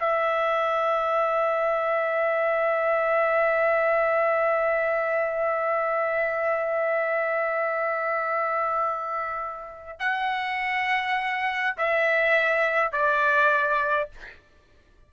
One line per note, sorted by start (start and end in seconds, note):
0.00 10.00 E5
10.00 11.76 F#5
11.78 12.93 E5
12.93 14.10 D5